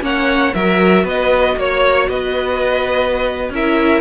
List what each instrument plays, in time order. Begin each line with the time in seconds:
0.00 cello A#3, viola C#4, violin C#5 F#5
0.54 cello F#3, viola F#4, violin A#4 E5
1.03 cello B3, violin B4 D#5
1.56 cello A#3, violin C#5
2.09 cello B3, violin B4 D#5
3.49 cello C#4, viola E4, violin A#4 E5